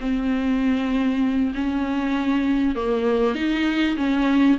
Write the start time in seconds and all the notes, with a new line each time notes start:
0.00 C4
1.54 C#4
2.75 A#3
3.35 D#4
3.96 C#4